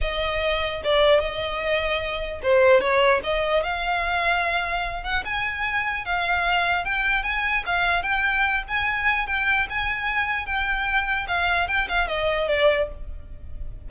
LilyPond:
\new Staff \with { instrumentName = "violin" } { \time 4/4 \tempo 4 = 149 dis''2 d''4 dis''4~ | dis''2 c''4 cis''4 | dis''4 f''2.~ | f''8 fis''8 gis''2 f''4~ |
f''4 g''4 gis''4 f''4 | g''4. gis''4. g''4 | gis''2 g''2 | f''4 g''8 f''8 dis''4 d''4 | }